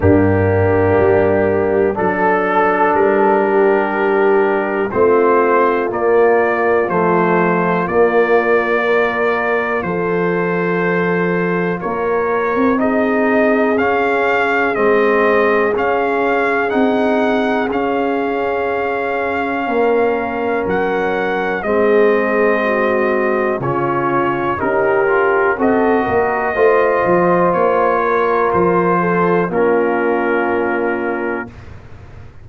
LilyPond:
<<
  \new Staff \with { instrumentName = "trumpet" } { \time 4/4 \tempo 4 = 61 g'2 a'4 ais'4~ | ais'4 c''4 d''4 c''4 | d''2 c''2 | cis''4 dis''4 f''4 dis''4 |
f''4 fis''4 f''2~ | f''4 fis''4 dis''2 | cis''4 ais'4 dis''2 | cis''4 c''4 ais'2 | }
  \new Staff \with { instrumentName = "horn" } { \time 4/4 d'2 a'4. g'8~ | g'4 f'2.~ | f'4 ais'4 a'2 | ais'4 gis'2.~ |
gis'1 | ais'2 gis'4 fis'4 | f'4 g'4 a'8 ais'8 c''4~ | c''8 ais'4 a'8 f'2 | }
  \new Staff \with { instrumentName = "trombone" } { \time 4/4 ais2 d'2~ | d'4 c'4 ais4 a4 | ais4 f'2.~ | f'4 dis'4 cis'4 c'4 |
cis'4 dis'4 cis'2~ | cis'2 c'2 | cis'4 dis'8 f'8 fis'4 f'4~ | f'2 cis'2 | }
  \new Staff \with { instrumentName = "tuba" } { \time 4/4 g,4 g4 fis4 g4~ | g4 a4 ais4 f4 | ais2 f2 | ais8. c'4~ c'16 cis'4 gis4 |
cis'4 c'4 cis'2 | ais4 fis4 gis2 | cis4 cis'4 c'8 ais8 a8 f8 | ais4 f4 ais2 | }
>>